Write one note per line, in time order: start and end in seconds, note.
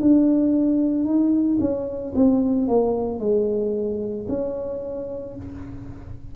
0.00 1.04 D4
1.04 1.58 D#4
1.60 2.13 C#4
2.15 2.67 C4
2.67 3.19 A#3
3.19 4.26 G#3
4.28 5.35 C#4